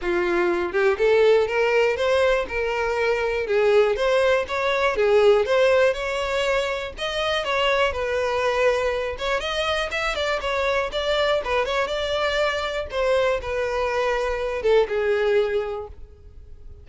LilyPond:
\new Staff \with { instrumentName = "violin" } { \time 4/4 \tempo 4 = 121 f'4. g'8 a'4 ais'4 | c''4 ais'2 gis'4 | c''4 cis''4 gis'4 c''4 | cis''2 dis''4 cis''4 |
b'2~ b'8 cis''8 dis''4 | e''8 d''8 cis''4 d''4 b'8 cis''8 | d''2 c''4 b'4~ | b'4. a'8 gis'2 | }